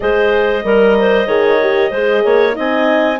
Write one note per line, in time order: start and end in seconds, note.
0.00 0.64 G#3
0.00 0.62 G#4
0.00 0.65 C5
0.00 2.55 D#5
0.64 1.26 G3
0.64 1.27 A#4
0.64 0.97 A#4
0.99 1.27 C5
1.26 1.90 D#3
1.26 1.59 G#4
1.26 1.91 C#5
1.61 1.93 G4
1.91 2.23 G#3
1.91 2.52 G#4
1.91 2.22 C5
2.24 2.56 A#3
2.24 2.55 C#5
2.52 3.20 C4
2.52 3.15 D#4
2.52 3.19 D#5
2.59 3.20 G#5